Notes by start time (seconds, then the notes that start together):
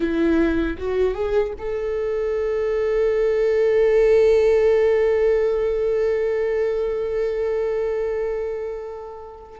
0.00 E4
0.78 F#4
1.14 G#4
1.58 A4